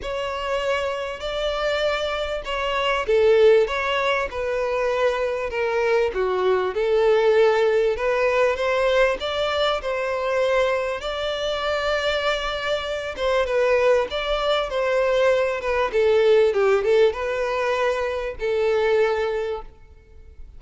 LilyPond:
\new Staff \with { instrumentName = "violin" } { \time 4/4 \tempo 4 = 98 cis''2 d''2 | cis''4 a'4 cis''4 b'4~ | b'4 ais'4 fis'4 a'4~ | a'4 b'4 c''4 d''4 |
c''2 d''2~ | d''4. c''8 b'4 d''4 | c''4. b'8 a'4 g'8 a'8 | b'2 a'2 | }